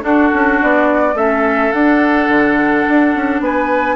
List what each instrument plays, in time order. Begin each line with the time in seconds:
0.00 clarinet D4, bassoon D4, oboe F#4, flute A4
0.33 bassoon C#4
0.62 bassoon B3, flute D5
1.14 bassoon A3, clarinet C#4, oboe A4, flute E5
1.72 clarinet D4, bassoon D4, flute F#5
2.29 bassoon D3
2.89 bassoon D4
3.15 bassoon C#4
3.40 bassoon B3, oboe B4, flute G#5